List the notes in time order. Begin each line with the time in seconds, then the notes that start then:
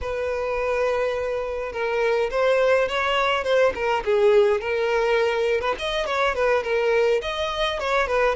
0.01 B4
1.72 A#4
2.30 C5
2.88 C#5
3.44 C5
3.74 A#4
4.05 G#4
4.60 A#4
5.61 B4
5.78 D#5
6.06 C#5
6.35 B4
6.63 A#4
7.21 D#5
7.79 C#5
8.07 B4